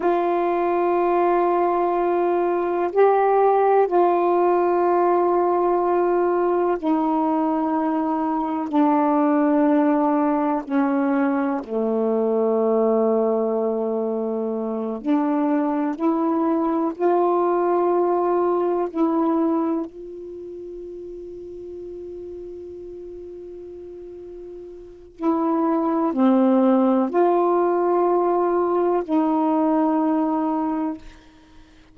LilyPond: \new Staff \with { instrumentName = "saxophone" } { \time 4/4 \tempo 4 = 62 f'2. g'4 | f'2. dis'4~ | dis'4 d'2 cis'4 | a2.~ a8 d'8~ |
d'8 e'4 f'2 e'8~ | e'8 f'2.~ f'8~ | f'2 e'4 c'4 | f'2 dis'2 | }